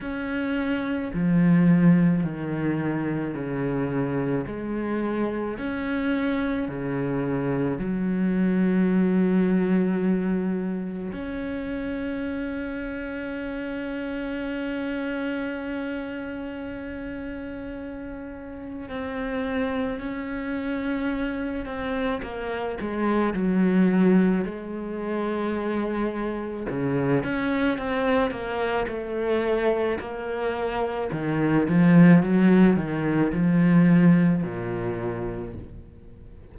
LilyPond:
\new Staff \with { instrumentName = "cello" } { \time 4/4 \tempo 4 = 54 cis'4 f4 dis4 cis4 | gis4 cis'4 cis4 fis4~ | fis2 cis'2~ | cis'1~ |
cis'4 c'4 cis'4. c'8 | ais8 gis8 fis4 gis2 | cis8 cis'8 c'8 ais8 a4 ais4 | dis8 f8 fis8 dis8 f4 ais,4 | }